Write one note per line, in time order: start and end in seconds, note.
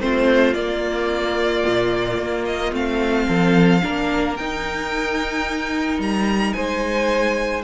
0.00 0.54 A3
0.00 0.55 C4
0.00 3.27 F4
0.00 0.54 C5
0.54 1.64 A#3
0.54 2.72 A#3
0.54 2.45 D5
1.66 2.19 A#2
2.19 2.72 A#3
2.46 2.73 D#5
2.72 3.27 A3
2.72 3.82 C4
2.72 4.36 F5
3.27 3.83 F3
3.27 3.81 A4
3.82 4.40 A#3
3.82 4.36 D4
3.82 6.55 A#4
4.36 5.99 D#4
4.36 7.64 D#4
4.36 6.00 G5
5.99 6.53 G3
5.99 6.53 A#5
6.53 7.64 G#3
6.53 7.64 C5
6.53 7.62 G#5